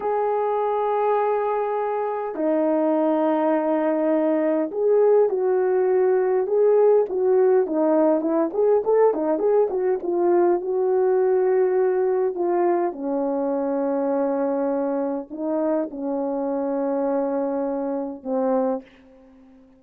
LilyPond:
\new Staff \with { instrumentName = "horn" } { \time 4/4 \tempo 4 = 102 gis'1 | dis'1 | gis'4 fis'2 gis'4 | fis'4 dis'4 e'8 gis'8 a'8 dis'8 |
gis'8 fis'8 f'4 fis'2~ | fis'4 f'4 cis'2~ | cis'2 dis'4 cis'4~ | cis'2. c'4 | }